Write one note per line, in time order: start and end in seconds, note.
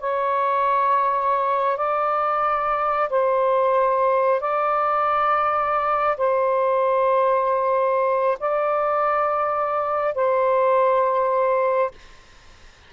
0.00 1.76 C#5
1.76 3.09 D5
3.09 4.40 C5
4.40 6.16 D5
6.17 8.37 C5
8.39 10.14 D5
10.14 11.91 C5